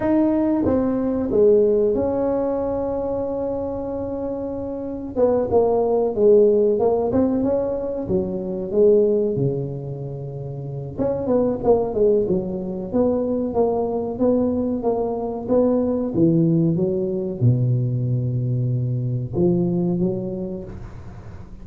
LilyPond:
\new Staff \with { instrumentName = "tuba" } { \time 4/4 \tempo 4 = 93 dis'4 c'4 gis4 cis'4~ | cis'1 | b8 ais4 gis4 ais8 c'8 cis'8~ | cis'8 fis4 gis4 cis4.~ |
cis4 cis'8 b8 ais8 gis8 fis4 | b4 ais4 b4 ais4 | b4 e4 fis4 b,4~ | b,2 f4 fis4 | }